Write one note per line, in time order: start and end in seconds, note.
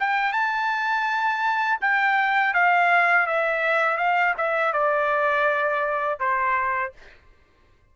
0.00 0.33 G5
0.33 1.79 A5
1.81 2.54 G5
2.54 3.27 F5
3.27 3.98 E5
3.98 4.34 F5
4.38 4.73 E5
4.73 6.20 D5
6.20 6.93 C5